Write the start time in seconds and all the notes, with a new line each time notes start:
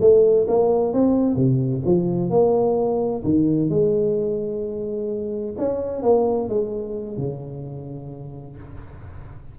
0.00 A3
0.48 A#3
0.93 C4
1.35 C3
1.85 F3
2.30 A#3
3.24 D#3
3.69 G#3
5.58 C#4
6.02 A#3
6.48 G#3
7.17 C#3